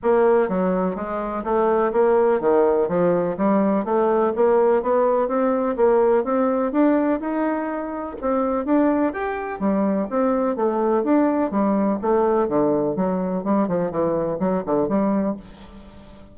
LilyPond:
\new Staff \with { instrumentName = "bassoon" } { \time 4/4 \tempo 4 = 125 ais4 fis4 gis4 a4 | ais4 dis4 f4 g4 | a4 ais4 b4 c'4 | ais4 c'4 d'4 dis'4~ |
dis'4 c'4 d'4 g'4 | g4 c'4 a4 d'4 | g4 a4 d4 fis4 | g8 f8 e4 fis8 d8 g4 | }